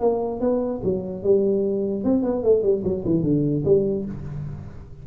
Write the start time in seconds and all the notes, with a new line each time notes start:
0.00 A#3
0.41 B3
0.84 F#3
1.23 G3
2.04 C4
2.23 B3
2.43 A3
2.63 G3
2.84 F#3
3.05 E3
3.23 D3
3.65 G3